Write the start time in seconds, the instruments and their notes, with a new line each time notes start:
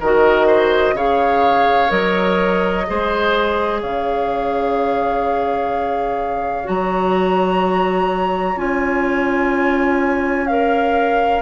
0.00 bassoon D#3, clarinet F#4, oboe A#4, flute D#5
0.47 oboe C5
0.93 bassoon C#3, clarinet G#4, oboe C#5, flute F5
1.88 bassoon F#3, clarinet A#4, flute D#5
2.86 bassoon G#3, clarinet G#4, oboe C5
3.81 bassoon C#3, oboe C#5, flute F5
6.64 bassoon F#3, clarinet F#4, flute A#5
8.55 bassoon C#4, clarinet F4, flute G#5
10.46 clarinet A#4, flute F5